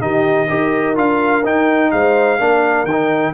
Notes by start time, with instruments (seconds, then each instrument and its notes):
0.00 tuba D#3, trombone D#4, horn G4, trumpet D#5
0.50 tuba D#4, trombone G4, horn A#4
0.96 tuba D4, trombone F4, trumpet F5
1.45 tuba D#4, trombone D#4, trumpet G5
1.92 tuba G#3, horn C5, trumpet F5
2.40 tuba A#3, trombone D4, horn A#4
2.84 tuba D#3, trumpet G5
2.92 trombone D#4